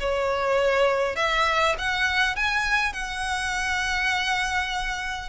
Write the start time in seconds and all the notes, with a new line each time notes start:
0.00 C#5
1.16 E5
1.78 F#5
2.36 G#5
2.93 F#5